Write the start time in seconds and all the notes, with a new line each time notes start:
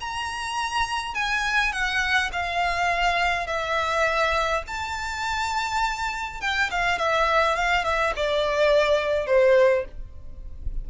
0.00 A#5
1.14 G#5
1.72 F#5
2.32 F5
3.46 E5
4.67 A5
6.41 G5
6.71 F5
6.98 E5
7.55 F5
7.84 E5
8.16 D5
9.26 C5